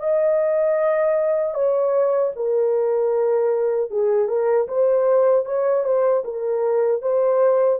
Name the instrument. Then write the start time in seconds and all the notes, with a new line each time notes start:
horn
0.00 D#5
1.54 C#5
2.36 A#4
3.91 G#4
4.29 A#4
4.68 C5
5.46 C#5
5.85 C5
6.24 A#4
7.02 C5